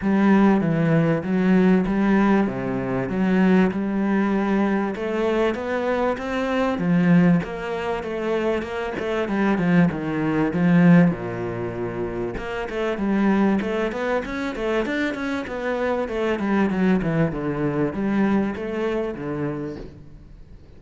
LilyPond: \new Staff \with { instrumentName = "cello" } { \time 4/4 \tempo 4 = 97 g4 e4 fis4 g4 | c4 fis4 g2 | a4 b4 c'4 f4 | ais4 a4 ais8 a8 g8 f8 |
dis4 f4 ais,2 | ais8 a8 g4 a8 b8 cis'8 a8 | d'8 cis'8 b4 a8 g8 fis8 e8 | d4 g4 a4 d4 | }